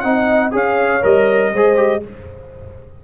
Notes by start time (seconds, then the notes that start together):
0.00 C4 D#4 D#5 F#5
0.51 C#4 G#4 C#5 F5
1.02 G3 A#4 D#5
1.53 G#3 G#4 C5
1.76 G4